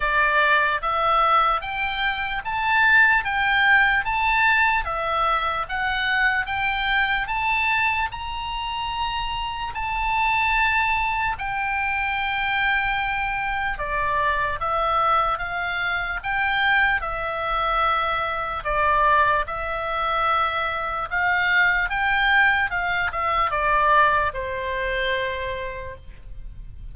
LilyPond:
\new Staff \with { instrumentName = "oboe" } { \time 4/4 \tempo 4 = 74 d''4 e''4 g''4 a''4 | g''4 a''4 e''4 fis''4 | g''4 a''4 ais''2 | a''2 g''2~ |
g''4 d''4 e''4 f''4 | g''4 e''2 d''4 | e''2 f''4 g''4 | f''8 e''8 d''4 c''2 | }